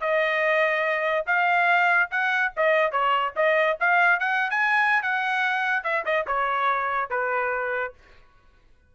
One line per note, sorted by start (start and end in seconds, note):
0.00 1.25 D#5
1.26 2.09 F5
2.11 2.52 F#5
2.56 2.91 D#5
2.91 3.33 C#5
3.36 3.78 D#5
3.80 4.19 F5
4.19 4.50 F#5
4.50 5.02 G#5
5.02 5.84 F#5
5.84 6.04 E5
6.05 6.26 D#5
6.27 7.10 C#5
7.10 7.93 B4